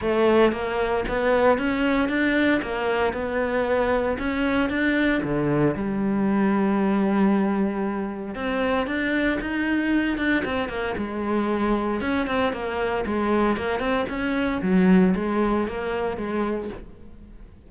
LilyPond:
\new Staff \with { instrumentName = "cello" } { \time 4/4 \tempo 4 = 115 a4 ais4 b4 cis'4 | d'4 ais4 b2 | cis'4 d'4 d4 g4~ | g1 |
c'4 d'4 dis'4. d'8 | c'8 ais8 gis2 cis'8 c'8 | ais4 gis4 ais8 c'8 cis'4 | fis4 gis4 ais4 gis4 | }